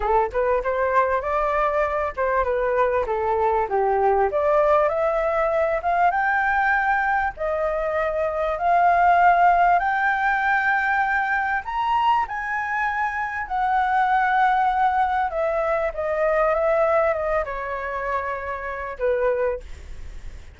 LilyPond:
\new Staff \with { instrumentName = "flute" } { \time 4/4 \tempo 4 = 98 a'8 b'8 c''4 d''4. c''8 | b'4 a'4 g'4 d''4 | e''4. f''8 g''2 | dis''2 f''2 |
g''2. ais''4 | gis''2 fis''2~ | fis''4 e''4 dis''4 e''4 | dis''8 cis''2~ cis''8 b'4 | }